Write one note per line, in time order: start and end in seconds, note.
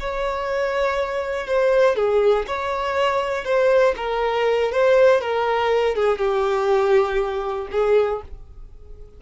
0.00 1.47 C#5
1.47 1.96 C5
1.96 2.46 G#4
2.47 3.44 C#5
3.44 3.94 C5
3.97 4.72 A#4
4.72 5.21 C5
5.21 5.95 A#4
5.95 6.18 G#4
6.18 7.68 G4
7.71 8.21 G#4